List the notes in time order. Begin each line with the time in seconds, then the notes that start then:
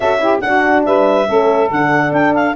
0.00 C#4 F#4 A4 E5
0.19 E4 G4
0.40 D4 F#4 F#5
0.85 G3 B4 E5
1.27 A3 C#4 A4
1.70 D3 D4 F#5
2.12 D4 G5
2.34 F5